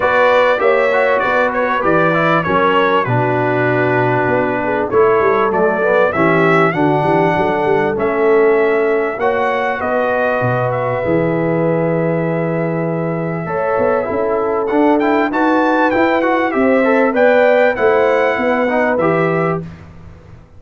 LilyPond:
<<
  \new Staff \with { instrumentName = "trumpet" } { \time 4/4 \tempo 4 = 98 d''4 e''4 d''8 cis''8 d''4 | cis''4 b'2. | cis''4 d''4 e''4 fis''4~ | fis''4 e''2 fis''4 |
dis''4. e''2~ e''8~ | e''1 | fis''8 g''8 a''4 g''8 fis''8 e''4 | g''4 fis''2 e''4 | }
  \new Staff \with { instrumentName = "horn" } { \time 4/4 b'4 cis''4 b'2 | ais'4 fis'2~ fis'8 gis'8 | a'2 g'4 fis'8 g'8 | a'2. cis''4 |
b'1~ | b'2 cis''4 a'4~ | a'4 b'2 c''4 | d''4 c''4 b'2 | }
  \new Staff \with { instrumentName = "trombone" } { \time 4/4 fis'4 g'8 fis'4. g'8 e'8 | cis'4 d'2. | e'4 a8 b8 cis'4 d'4~ | d'4 cis'2 fis'4~ |
fis'2 gis'2~ | gis'2 a'4 e'4 | d'8 e'8 fis'4 e'8 fis'8 g'8 a'8 | b'4 e'4. dis'8 g'4 | }
  \new Staff \with { instrumentName = "tuba" } { \time 4/4 b4 ais4 b4 e4 | fis4 b,2 b4 | a8 g8 fis4 e4 d8 e8 | fis8 g8 a2 ais4 |
b4 b,4 e2~ | e2 a8 b8 cis'4 | d'4 dis'4 e'4 c'4 | b4 a4 b4 e4 | }
>>